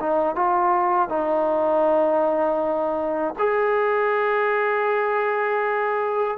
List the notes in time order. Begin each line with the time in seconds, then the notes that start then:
0.00 D#4
0.35 F4
1.09 D#4
3.39 G#4